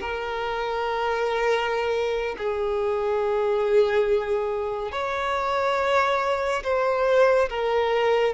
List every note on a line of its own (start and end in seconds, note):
0.00 2.36 A#4
2.38 4.92 G#4
4.92 6.63 C#5
6.63 7.49 C5
7.49 8.33 A#4